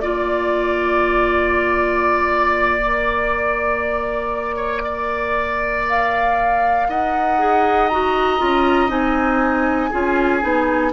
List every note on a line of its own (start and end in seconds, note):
0.00 6.87 A#3
0.00 2.79 F4
0.00 5.85 D5
0.00 4.56 D5
2.79 7.37 A#4
4.56 4.81 C#5
4.84 6.87 D5
5.89 6.90 F5
6.88 8.40 D#4
6.88 9.90 D#5
6.88 7.88 F#5
7.38 7.89 G#4
7.88 8.38 F#4
7.88 8.90 A#5
8.38 8.89 C#4
8.38 8.88 F4
8.88 9.90 C4
8.88 9.90 D#4
8.88 10.92 G#5
9.90 10.42 C#4
9.90 10.40 F4
9.90 10.91 G#4
10.40 10.92 B3
10.40 10.91 D#4